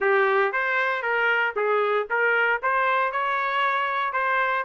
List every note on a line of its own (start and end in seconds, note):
0.00 0.52 G4
0.52 1.02 C5
1.02 1.54 A#4
1.55 2.07 G#4
2.09 2.61 A#4
2.62 3.12 C5
3.12 4.12 C#5
4.12 4.64 C5